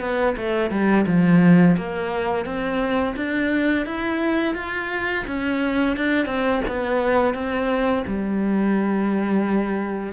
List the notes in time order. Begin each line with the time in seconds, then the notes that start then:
0.00 B3
0.36 A3
0.70 G3
1.06 F3
1.77 A#3
2.45 C4
3.16 D4
3.85 E4
4.54 F4
5.27 C#4
5.96 D4
6.26 C4
6.67 B3
7.34 C4
8.06 G3